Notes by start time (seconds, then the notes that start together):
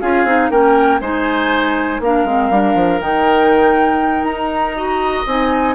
0.00 C#4 F4 G#4 F5
0.24 C4 D#4
0.50 A#3 C#4 A#4 G5
1.01 G#3 D#4 C5 G#5
2.00 A#3 D4 A#4 F5
2.24 G#3 C4
2.50 G3 D4
2.75 F3
3.00 D#3 D#4 G5
4.23 D#4 A#5
4.75 F#4 D#5
5.26 C4 D#4 G#5